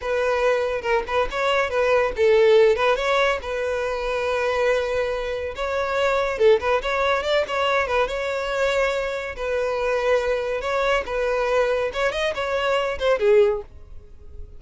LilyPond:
\new Staff \with { instrumentName = "violin" } { \time 4/4 \tempo 4 = 141 b'2 ais'8 b'8 cis''4 | b'4 a'4. b'8 cis''4 | b'1~ | b'4 cis''2 a'8 b'8 |
cis''4 d''8 cis''4 b'8 cis''4~ | cis''2 b'2~ | b'4 cis''4 b'2 | cis''8 dis''8 cis''4. c''8 gis'4 | }